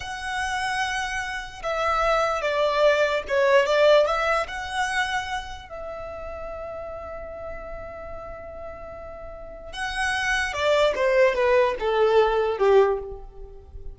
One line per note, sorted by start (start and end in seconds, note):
0.00 1.62 F#5
1.62 2.41 E5
2.41 3.22 D5
3.27 3.66 C#5
3.66 4.06 D5
4.06 4.46 E5
4.47 5.69 F#5
5.69 9.73 E5
9.73 10.53 F#5
10.53 10.93 D5
10.95 11.34 C5
11.34 11.75 B4
11.79 12.58 A4
12.58 12.98 G4